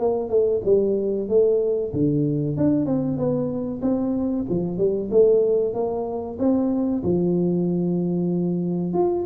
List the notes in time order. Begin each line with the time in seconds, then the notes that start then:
0.00 A#3
0.30 A3
0.65 G3
1.29 A3
1.94 D3
2.57 D4
2.86 C4
3.18 B3
3.82 C4
4.50 F3
4.78 G3
5.11 A3
5.74 A#3
6.39 C4
7.04 F3
8.94 F4